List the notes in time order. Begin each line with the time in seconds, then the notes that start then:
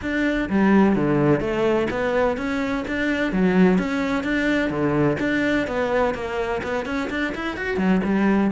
0.02 D4
0.49 G3
0.95 D3
1.40 A3
1.90 B3
2.37 C#4
2.87 D4
3.32 F#3
3.78 C#4
4.23 D4
4.70 D3
5.19 D4
5.67 B3
6.14 A#3
6.63 B3
6.85 C#4
7.10 D4
7.34 E4
7.57 F#4
7.77 F#3
8.04 G3